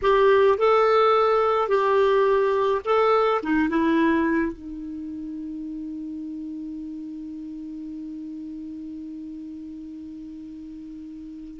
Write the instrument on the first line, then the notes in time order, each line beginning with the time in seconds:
clarinet
0.02 G4
0.57 A4
1.68 G4
2.84 A4
3.42 D#4
3.69 E4
4.52 D#4